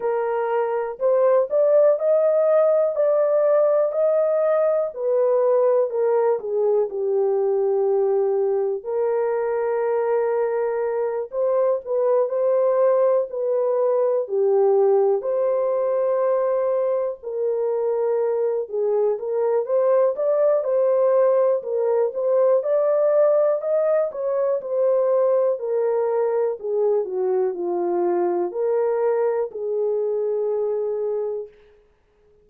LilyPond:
\new Staff \with { instrumentName = "horn" } { \time 4/4 \tempo 4 = 61 ais'4 c''8 d''8 dis''4 d''4 | dis''4 b'4 ais'8 gis'8 g'4~ | g'4 ais'2~ ais'8 c''8 | b'8 c''4 b'4 g'4 c''8~ |
c''4. ais'4. gis'8 ais'8 | c''8 d''8 c''4 ais'8 c''8 d''4 | dis''8 cis''8 c''4 ais'4 gis'8 fis'8 | f'4 ais'4 gis'2 | }